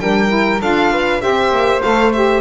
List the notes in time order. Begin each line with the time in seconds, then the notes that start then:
0.00 G3 D4 A#4 G5
0.28 E4
0.61 D4 F4 A4 F5
0.92 B4
1.21 C4 G4 C5 E5
1.52 A#3
1.82 A3 A4 F5
2.13 G4 E5